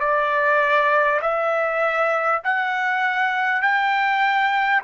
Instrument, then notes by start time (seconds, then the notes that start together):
trumpet
0.00 D5
1.22 E5
2.44 F#5
3.62 G5